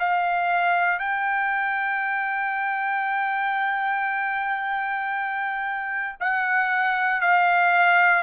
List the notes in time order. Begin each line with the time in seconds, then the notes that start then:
0.00 F5
1.00 G5
6.21 F#5
7.22 F5